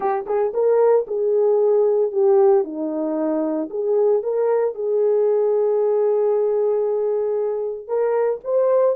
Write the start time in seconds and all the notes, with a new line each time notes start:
0.00 G4
0.26 G#4
0.53 A#4
1.07 G#4
2.11 G4
2.64 D#4
3.70 G#4
4.22 A#4
4.74 G#4
7.87 A#4
8.44 C5